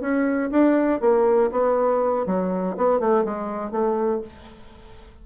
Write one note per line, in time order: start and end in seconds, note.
0.00 0.50 C#4
0.51 1.00 D4
1.00 1.50 A#3
1.51 2.26 B3
2.26 2.76 F#3
2.77 2.99 B3
2.99 3.24 A3
3.24 3.71 G#3
3.71 4.21 A3